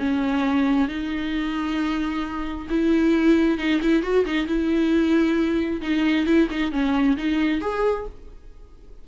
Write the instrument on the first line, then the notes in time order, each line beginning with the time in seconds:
viola
0.00 C#4
0.89 D#4
2.70 E4
3.59 D#4
3.82 E4
4.03 F#4
4.26 D#4
4.47 E4
5.82 D#4
6.26 E4
6.51 D#4
6.72 C#4
7.18 D#4
7.61 G#4